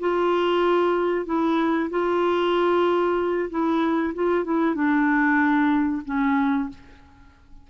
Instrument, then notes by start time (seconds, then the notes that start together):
clarinet
0.00 F4
1.26 E4
1.91 F4
3.50 E4
4.15 F4
4.45 E4
4.75 D4
6.06 C#4